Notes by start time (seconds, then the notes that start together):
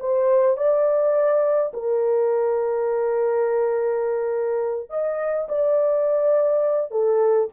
0.00 C5
0.57 D5
1.74 A#4
4.90 D#5
5.49 D5
6.91 A4